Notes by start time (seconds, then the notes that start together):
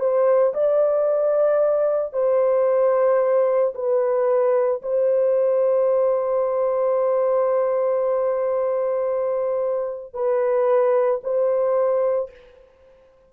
0.00 C5
0.54 D5
2.13 C5
3.75 B4
4.82 C5
10.14 B4
11.24 C5